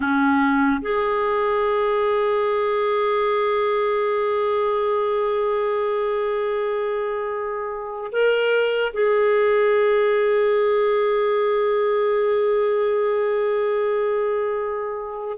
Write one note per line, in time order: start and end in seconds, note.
0.00 0.81 C#4
0.81 8.11 G#4
8.12 8.93 A#4
8.93 15.37 G#4